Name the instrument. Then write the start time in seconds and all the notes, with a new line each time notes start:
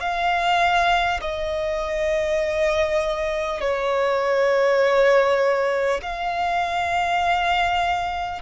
violin
0.00 F5
1.21 D#5
3.61 C#5
6.02 F5